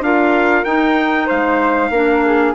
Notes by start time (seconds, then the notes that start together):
0.00 D4 F4 A#4 F5
0.64 D#4 G5
1.25 G#3 C5 F5
1.89 A#3 D4 A#4
2.25 G#4